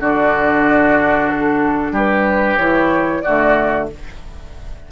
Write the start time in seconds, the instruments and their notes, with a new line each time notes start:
0.00 bassoon D3, clarinet D4, oboe F#4, flute D5
1.29 flute A4
1.92 bassoon G3, oboe G4, flute B4
2.57 bassoon E3, clarinet E4, flute C#5
3.22 bassoon D3, clarinet A3, oboe F#4, flute D5